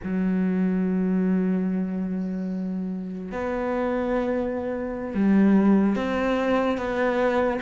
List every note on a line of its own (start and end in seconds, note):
0.03 3.31 F#3
3.31 5.14 B3
5.14 5.95 G3
5.95 6.77 C4
6.77 7.59 B3